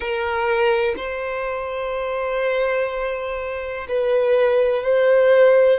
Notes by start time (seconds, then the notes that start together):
0.00 A#4
0.97 C5
3.88 B4
4.83 C5